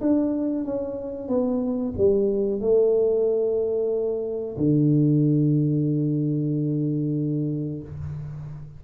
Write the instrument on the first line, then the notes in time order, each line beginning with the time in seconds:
tuba
0.00 D4
0.64 C#4
1.28 B3
1.97 G3
2.60 A3
4.57 D3